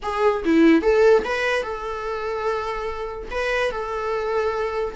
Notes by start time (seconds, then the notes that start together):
0.02 G#4
0.45 E4
0.82 A4
1.24 B4
1.63 A4
3.30 B4
3.71 A4